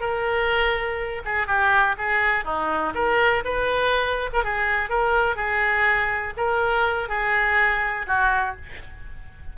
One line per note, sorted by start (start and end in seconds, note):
0.00 1.22 A#4
1.25 1.47 G#4
1.47 1.96 G4
1.97 2.45 G#4
2.45 2.93 D#4
2.94 3.43 A#4
3.44 4.29 B4
4.33 4.44 A#4
4.44 4.89 G#4
4.89 5.35 A#4
5.35 6.33 G#4
6.37 7.08 A#4
7.08 8.06 G#4
8.07 8.55 F#4